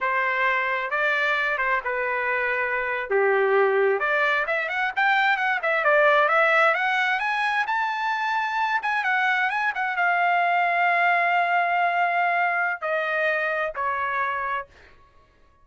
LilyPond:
\new Staff \with { instrumentName = "trumpet" } { \time 4/4 \tempo 4 = 131 c''2 d''4. c''8 | b'2~ b'8. g'4~ g'16~ | g'8. d''4 e''8 fis''8 g''4 fis''16~ | fis''16 e''8 d''4 e''4 fis''4 gis''16~ |
gis''8. a''2~ a''8 gis''8 fis''16~ | fis''8. gis''8 fis''8 f''2~ f''16~ | f''1 | dis''2 cis''2 | }